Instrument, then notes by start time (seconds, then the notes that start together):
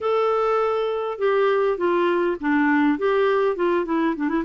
clarinet
0.00 A4
1.18 G4
1.77 F4
2.40 D4
2.98 G4
3.55 F4
3.85 E4
4.16 D4
4.29 E4